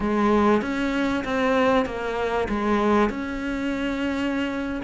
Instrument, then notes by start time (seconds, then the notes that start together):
cello
0.00 G#3
0.61 C#4
1.24 C4
1.85 A#3
2.49 G#3
3.09 C#4